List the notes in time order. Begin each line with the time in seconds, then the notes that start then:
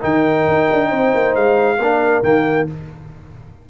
0.00 D#3 D#4 A#4 G5
0.48 D#4
0.72 D4
0.89 C4 C5
1.15 A#3
1.35 G#3 F5
1.79 A#3 D4 A#4
2.23 D#3 A#3 G5